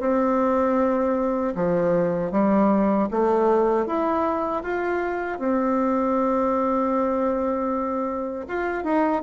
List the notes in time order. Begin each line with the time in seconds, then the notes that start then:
0.00 C4
1.55 F3
2.31 G3
3.10 A3
3.86 E4
4.63 F4
5.38 C4
8.48 F4
8.84 D#4